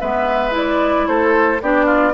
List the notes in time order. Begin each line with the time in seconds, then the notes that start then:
0.00 G#3 B3 B4 E5
0.51 E4 D5
1.07 A3 A4 C5
1.61 B3 D4 G4 D5
1.85 F4